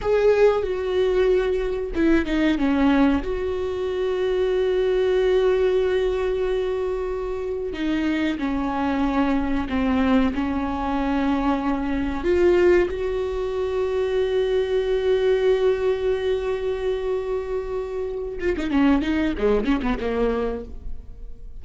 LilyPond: \new Staff \with { instrumentName = "viola" } { \time 4/4 \tempo 4 = 93 gis'4 fis'2 e'8 dis'8 | cis'4 fis'2.~ | fis'1 | dis'4 cis'2 c'4 |
cis'2. f'4 | fis'1~ | fis'1~ | fis'8 f'16 dis'16 cis'8 dis'8 gis8 cis'16 b16 ais4 | }